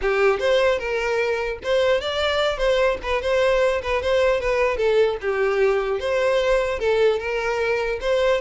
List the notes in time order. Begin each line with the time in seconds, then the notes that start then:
0.01 G4
0.39 C5
0.79 A#4
1.63 C5
2.00 D5
2.57 C5
3.03 B4
3.21 C5
3.82 B4
4.01 C5
4.40 B4
4.77 A4
5.21 G4
5.99 C5
6.79 A4
7.19 A#4
8.00 C5